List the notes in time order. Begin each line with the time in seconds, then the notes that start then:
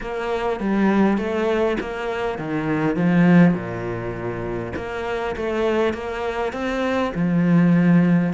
0.00 A#3
0.60 G3
1.17 A3
1.80 A#3
2.38 D#3
2.96 F3
3.53 A#2
4.76 A#3
5.36 A3
5.93 A#3
6.52 C4
7.14 F3